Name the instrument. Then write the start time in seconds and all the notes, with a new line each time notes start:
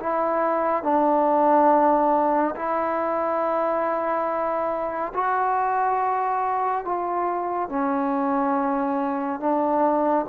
trombone
0.00 E4
0.84 D4
2.56 E4
5.15 F#4
6.85 F4
7.69 C#4
9.40 D4